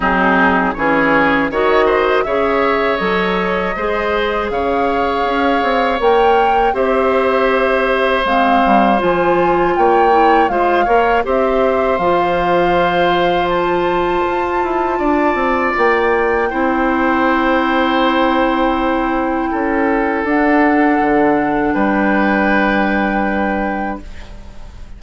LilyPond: <<
  \new Staff \with { instrumentName = "flute" } { \time 4/4 \tempo 4 = 80 gis'4 cis''4 dis''4 e''4 | dis''2 f''2 | g''4 e''2 f''4 | gis''4 g''4 f''4 e''4 |
f''2 a''2~ | a''4 g''2.~ | g''2. fis''4~ | fis''4 g''2. | }
  \new Staff \with { instrumentName = "oboe" } { \time 4/4 dis'4 gis'4 cis''8 c''8 cis''4~ | cis''4 c''4 cis''2~ | cis''4 c''2.~ | c''4 cis''4 c''8 cis''8 c''4~ |
c''1 | d''2 c''2~ | c''2 a'2~ | a'4 b'2. | }
  \new Staff \with { instrumentName = "clarinet" } { \time 4/4 c'4 cis'4 fis'4 gis'4 | a'4 gis'2. | ais'4 g'2 c'4 | f'4. e'8 f'8 ais'8 g'4 |
f'1~ | f'2 e'2~ | e'2. d'4~ | d'1 | }
  \new Staff \with { instrumentName = "bassoon" } { \time 4/4 fis4 e4 dis4 cis4 | fis4 gis4 cis4 cis'8 c'8 | ais4 c'2 gis8 g8 | f4 ais4 gis8 ais8 c'4 |
f2. f'8 e'8 | d'8 c'8 ais4 c'2~ | c'2 cis'4 d'4 | d4 g2. | }
>>